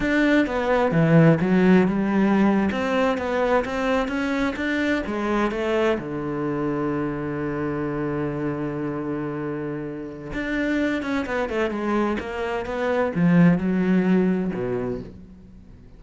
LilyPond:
\new Staff \with { instrumentName = "cello" } { \time 4/4 \tempo 4 = 128 d'4 b4 e4 fis4 | g4.~ g16 c'4 b4 c'16~ | c'8. cis'4 d'4 gis4 a16~ | a8. d2.~ d16~ |
d1~ | d2 d'4. cis'8 | b8 a8 gis4 ais4 b4 | f4 fis2 b,4 | }